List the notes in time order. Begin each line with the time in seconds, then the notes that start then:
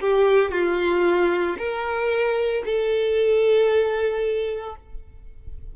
0.00 G4
0.51 F4
1.58 A#4
2.65 A4